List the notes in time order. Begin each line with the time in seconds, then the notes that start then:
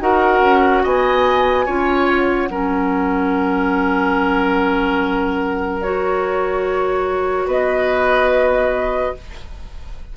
0.00 D#4 F#4 A#4 F#5
0.41 C#4
0.83 B3 D#5 G#5
1.66 C#4 F4 C#5
2.10 F#5
2.49 F#3 C#4 A#4
5.82 F#4 C#5
7.47 B3 B4 D#5